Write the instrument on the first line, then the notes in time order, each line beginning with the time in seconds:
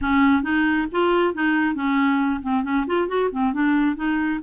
clarinet
0.01 C#4
0.43 D#4
0.91 F4
1.34 D#4
1.74 C#4
2.42 C4
2.63 C#4
2.86 F4
3.07 F#4
3.31 C4
3.53 D4
3.96 D#4